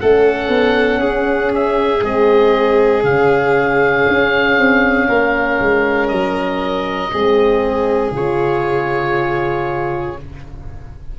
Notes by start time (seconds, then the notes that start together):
0.00 A3 C#4 A4 F#5
0.49 B3
0.99 C#4 G#4
1.54 E5
2.01 G#3 C4 D#5
3.03 C#3 C#4 F5
4.08 C#4
4.58 C4
5.08 A#3 A#4
5.60 G#3
6.08 F#3 D#5
7.12 G#3 C4 G#4
8.11 C#3 F4 C#5